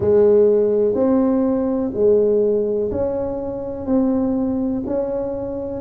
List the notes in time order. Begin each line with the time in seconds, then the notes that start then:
0.00 G#3
0.94 C4
1.94 G#3
2.91 C#4
3.85 C4
4.86 C#4